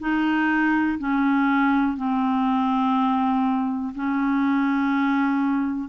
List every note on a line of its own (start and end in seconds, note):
0.00 0.98 D#4
0.99 1.97 C#4
1.98 3.94 C4
3.96 5.89 C#4